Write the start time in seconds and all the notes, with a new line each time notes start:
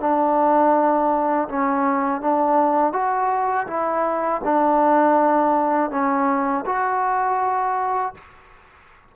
0.00 D4
1.49 C#4
2.21 D4
2.93 F#4
3.67 E4
4.44 D4
5.91 C#4
6.66 F#4